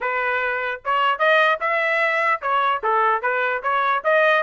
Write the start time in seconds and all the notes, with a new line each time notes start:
0.00 B4
0.85 C#5
1.18 D#5
1.60 E5
2.41 C#5
2.83 A4
3.21 B4
3.63 C#5
4.04 D#5